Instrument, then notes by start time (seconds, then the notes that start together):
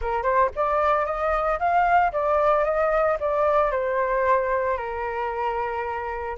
flute
0.01 A#4
0.22 C5
0.55 D5
1.05 D#5
1.59 F5
2.12 D5
2.64 D#5
3.20 D5
3.71 C5
4.77 A#4